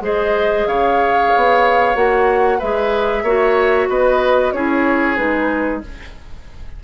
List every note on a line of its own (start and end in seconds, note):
0.00 0.65 G#3
0.00 1.94 G#4
0.00 0.67 C5
0.00 0.67 D#5
0.67 1.31 C#3
0.67 2.58 C#5
0.67 1.96 F5
1.36 1.95 B3
1.94 2.60 A#3
1.94 2.59 F#4
1.94 2.60 F#5
2.58 3.23 G#3
2.58 3.26 G#4
2.58 3.23 B4
2.58 3.89 E5
3.23 3.87 A#3
3.23 4.55 F#4
3.23 3.88 C#5
3.89 4.53 B3
3.89 4.54 B4
3.89 4.52 D#5
4.52 5.17 C#4
4.52 5.16 E4
4.52 5.83 G#4
4.52 5.16 C#5
5.16 5.82 G#3
5.16 5.81 D#4
5.16 5.81 B4